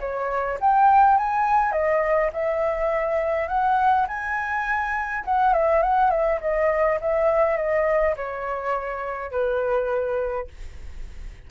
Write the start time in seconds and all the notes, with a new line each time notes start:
0.00 C#5
0.61 G5
1.18 G#5
1.72 D#5
2.33 E5
3.48 F#5
4.08 G#5
5.25 F#5
5.53 E5
5.83 F#5
6.11 E5
6.41 D#5
7.01 E5
7.57 D#5
8.17 C#5
9.31 B4